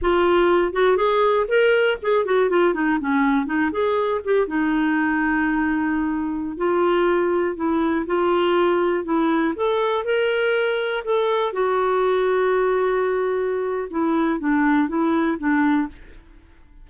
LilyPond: \new Staff \with { instrumentName = "clarinet" } { \time 4/4 \tempo 4 = 121 f'4. fis'8 gis'4 ais'4 | gis'8 fis'8 f'8 dis'8 cis'4 dis'8 gis'8~ | gis'8 g'8 dis'2.~ | dis'4~ dis'16 f'2 e'8.~ |
e'16 f'2 e'4 a'8.~ | a'16 ais'2 a'4 fis'8.~ | fis'1 | e'4 d'4 e'4 d'4 | }